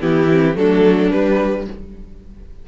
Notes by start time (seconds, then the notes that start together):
0.00 E3 B3 E4 G4
0.31 C4
0.55 F#3 A3 D4 A4
1.10 G3 B4